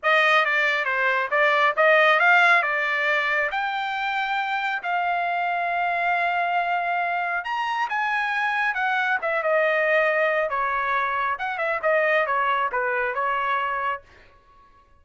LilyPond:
\new Staff \with { instrumentName = "trumpet" } { \time 4/4 \tempo 4 = 137 dis''4 d''4 c''4 d''4 | dis''4 f''4 d''2 | g''2. f''4~ | f''1~ |
f''4 ais''4 gis''2 | fis''4 e''8 dis''2~ dis''8 | cis''2 fis''8 e''8 dis''4 | cis''4 b'4 cis''2 | }